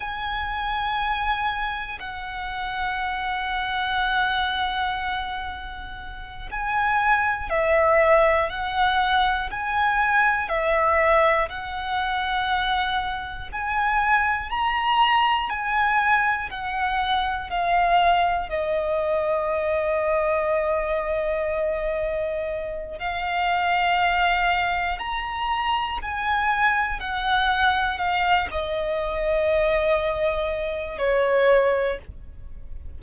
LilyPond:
\new Staff \with { instrumentName = "violin" } { \time 4/4 \tempo 4 = 60 gis''2 fis''2~ | fis''2~ fis''8 gis''4 e''8~ | e''8 fis''4 gis''4 e''4 fis''8~ | fis''4. gis''4 ais''4 gis''8~ |
gis''8 fis''4 f''4 dis''4.~ | dis''2. f''4~ | f''4 ais''4 gis''4 fis''4 | f''8 dis''2~ dis''8 cis''4 | }